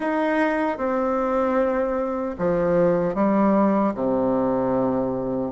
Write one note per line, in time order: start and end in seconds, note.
0.00 0.77 D#4
0.77 2.35 C4
2.38 3.14 F3
3.14 3.93 G3
3.94 5.52 C3